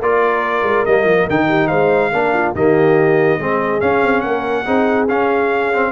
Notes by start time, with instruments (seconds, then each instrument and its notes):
0.00 tuba A#3, trombone F4, horn A#4, trumpet D5
0.62 tuba G#3
0.85 tuba G3, trombone A#3, trumpet D#5
1.04 tuba F3
1.29 tuba D#3, trombone D#4, trumpet G5
1.48 horn G4
1.67 tuba G#3, horn C5, trumpet F5
2.12 tuba A#3, trombone D4, horn A#4
2.33 horn F4
2.54 tuba D#3, trombone A#3, horn G4, trumpet D#5
3.39 tuba G#3, trombone C4, horn G#4
3.80 trombone C#4, tuba C#4, trumpet F5
4.02 tuba C4
4.20 tuba A#3, horn A#4, trumpet F#5
4.64 tuba C4, trombone D#4, horn G#4
5.08 tuba C#4, trombone C#4, trumpet F5
5.73 trombone C4